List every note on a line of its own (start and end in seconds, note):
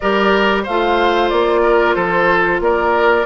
0.00 0.67 G3
0.00 0.66 G4
0.00 0.63 A#4
0.00 0.63 D5
0.63 1.31 A3
0.63 1.61 C5
0.63 1.29 F5
0.69 3.25 F4
1.29 1.96 A#3
1.29 1.94 D5
1.62 1.95 A#4
1.94 2.60 F3
1.94 2.60 A4
1.94 2.59 C5
2.60 3.25 A#3
2.60 3.25 A#4
2.60 3.25 D5